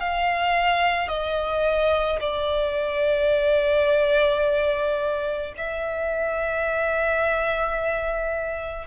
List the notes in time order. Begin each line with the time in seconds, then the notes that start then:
0.00 F5
1.08 D#5
2.20 D5
5.57 E5